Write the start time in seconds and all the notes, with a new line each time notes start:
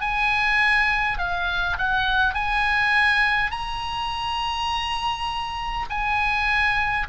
0.00 G#5
1.18 F5
1.78 F#5
2.34 G#5
3.50 A#5
5.89 G#5